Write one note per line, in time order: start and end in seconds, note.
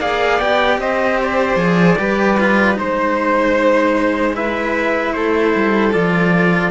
0.00 0.39 A#3
0.00 0.40 G#4
0.00 0.79 D5
0.00 0.39 F5
0.39 0.77 B3
0.39 1.57 G4
0.39 0.79 G5
0.77 1.56 C4
0.77 1.98 C5
0.77 1.19 D#5
1.22 2.78 D5
1.56 1.95 F3
1.56 1.97 G#4
1.98 2.77 G3
1.98 2.37 G4
1.98 2.78 B4
2.40 2.74 F4
2.74 5.14 G#3
2.74 4.32 D#4
2.74 4.35 C5
4.33 5.91 E4
4.33 5.14 B4
4.33 5.13 E5
5.13 5.53 A3
5.13 6.71 A4
5.13 5.92 C5
5.55 5.94 G3
5.92 6.71 F3
5.92 6.71 F4
5.92 6.71 D5